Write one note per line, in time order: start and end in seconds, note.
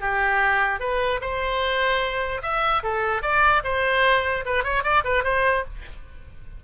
0.00 0.80 G4
0.80 1.20 B4
1.21 2.42 C5
2.42 2.82 E5
2.83 3.22 A4
3.22 3.63 D5
3.64 4.44 C5
4.45 4.64 B4
4.64 4.83 C#5
4.83 5.04 D5
5.04 5.24 B4
5.24 5.64 C5